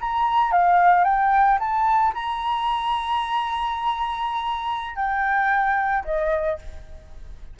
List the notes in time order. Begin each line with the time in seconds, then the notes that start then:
0.00 A#5
0.51 F5
1.04 G5
1.59 A5
2.14 A#5
4.95 G5
6.04 D#5